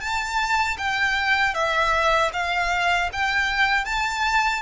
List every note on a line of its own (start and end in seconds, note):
0.00 0.77 A5
0.77 1.54 G5
1.54 2.31 E5
2.33 3.10 F5
3.12 3.85 G5
3.85 4.62 A5